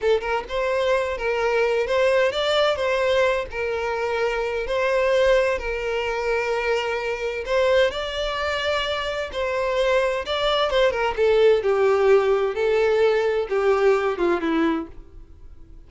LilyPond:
\new Staff \with { instrumentName = "violin" } { \time 4/4 \tempo 4 = 129 a'8 ais'8 c''4. ais'4. | c''4 d''4 c''4. ais'8~ | ais'2 c''2 | ais'1 |
c''4 d''2. | c''2 d''4 c''8 ais'8 | a'4 g'2 a'4~ | a'4 g'4. f'8 e'4 | }